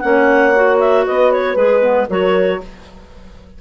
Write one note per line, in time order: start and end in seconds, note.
0.00 1.07 A#3
0.00 0.54 C#4
0.00 1.05 C#5
0.00 0.77 F#5
0.55 1.57 F#4
0.80 1.05 E5
1.05 1.55 B3
1.05 2.08 B4
1.05 1.32 D#5
1.32 1.56 C#5
1.55 2.07 G#3
1.55 1.81 G#4
1.55 2.07 B4
1.81 2.07 B3
2.09 2.61 F#3
2.09 2.60 F#4
2.09 2.60 A#4
2.09 2.61 C#5